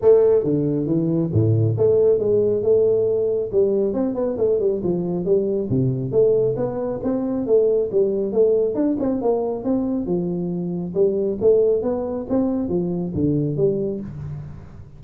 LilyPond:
\new Staff \with { instrumentName = "tuba" } { \time 4/4 \tempo 4 = 137 a4 d4 e4 a,4 | a4 gis4 a2 | g4 c'8 b8 a8 g8 f4 | g4 c4 a4 b4 |
c'4 a4 g4 a4 | d'8 c'8 ais4 c'4 f4~ | f4 g4 a4 b4 | c'4 f4 d4 g4 | }